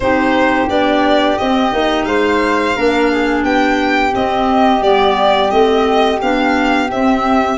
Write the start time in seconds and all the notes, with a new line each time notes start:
0.00 C4 D#4 G4 C5
0.68 B3 D4 D5
1.38 C4 D#5
1.72 A#3 D#4
2.04 G#3 C5 F5
2.76 A#3 D4 A#4
3.11 G#4
3.44 B3 G4 G5
4.11 C4 D#5
4.81 G3 B3 D5
5.50 A3 C4 D#5
6.21 B3 D4 F5
6.88 C4 E5